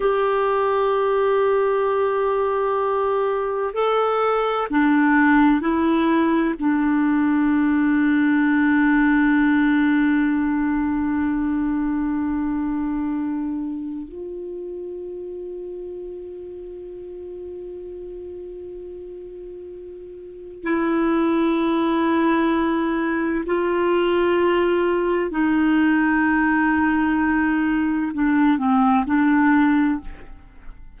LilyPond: \new Staff \with { instrumentName = "clarinet" } { \time 4/4 \tempo 4 = 64 g'1 | a'4 d'4 e'4 d'4~ | d'1~ | d'2. f'4~ |
f'1~ | f'2 e'2~ | e'4 f'2 dis'4~ | dis'2 d'8 c'8 d'4 | }